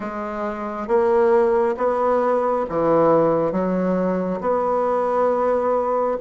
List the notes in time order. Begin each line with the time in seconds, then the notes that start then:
0.00 G#3
0.87 A#3
1.77 B3
2.69 E3
3.51 F#3
4.40 B3